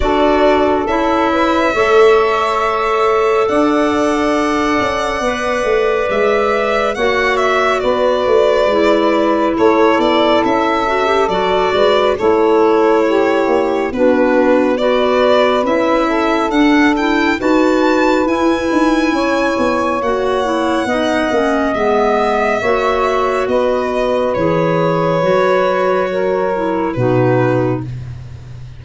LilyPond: <<
  \new Staff \with { instrumentName = "violin" } { \time 4/4 \tempo 4 = 69 d''4 e''2. | fis''2. e''4 | fis''8 e''8 d''2 cis''8 d''8 | e''4 d''4 cis''2 |
b'4 d''4 e''4 fis''8 g''8 | a''4 gis''2 fis''4~ | fis''4 e''2 dis''4 | cis''2. b'4 | }
  \new Staff \with { instrumentName = "saxophone" } { \time 4/4 a'4. b'8 cis''2 | d''1 | cis''4 b'2 a'4~ | a'4. b'8 a'4 g'4 |
fis'4 b'4. a'4. | b'2 cis''2 | dis''2 cis''4 b'4~ | b'2 ais'4 fis'4 | }
  \new Staff \with { instrumentName = "clarinet" } { \time 4/4 fis'4 e'4 a'2~ | a'2 b'2 | fis'2 e'2~ | e'8 fis'16 g'16 fis'4 e'2 |
d'4 fis'4 e'4 d'8 e'8 | fis'4 e'2 fis'8 e'8 | dis'8 cis'8 b4 fis'2 | gis'4 fis'4. e'8 dis'4 | }
  \new Staff \with { instrumentName = "tuba" } { \time 4/4 d'4 cis'4 a2 | d'4. cis'8 b8 a8 gis4 | ais4 b8 a8 gis4 a8 b8 | cis'4 fis8 gis8 a4. ais8 |
b2 cis'4 d'4 | dis'4 e'8 dis'8 cis'8 b8 ais4 | b8 ais8 gis4 ais4 b4 | e4 fis2 b,4 | }
>>